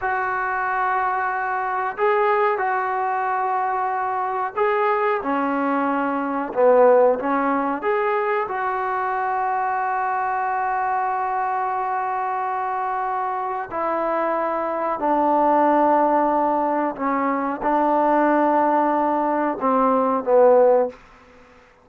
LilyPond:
\new Staff \with { instrumentName = "trombone" } { \time 4/4 \tempo 4 = 92 fis'2. gis'4 | fis'2. gis'4 | cis'2 b4 cis'4 | gis'4 fis'2.~ |
fis'1~ | fis'4 e'2 d'4~ | d'2 cis'4 d'4~ | d'2 c'4 b4 | }